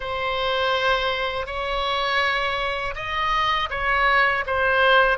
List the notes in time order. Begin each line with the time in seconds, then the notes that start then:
0.00 C5
1.46 C#5
2.95 D#5
3.70 C#5
4.46 C5